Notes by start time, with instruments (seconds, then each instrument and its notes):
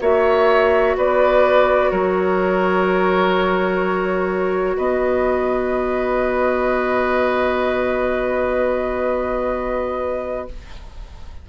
0.00 bassoon A#3, clarinet F#4, oboe C#5, flute E5
0.96 bassoon B3, oboe B4, flute D5
1.90 bassoon F#3, oboe A#4, flute C#5
4.77 bassoon B3, oboe B4, flute D#5